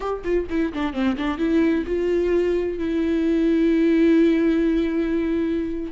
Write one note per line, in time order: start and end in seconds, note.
0.00 0.22 G4
0.23 0.47 F4
0.49 0.73 E4
0.73 0.93 D4
0.93 1.16 C4
1.16 1.37 D4
1.37 1.84 E4
1.86 2.78 F4
2.78 5.92 E4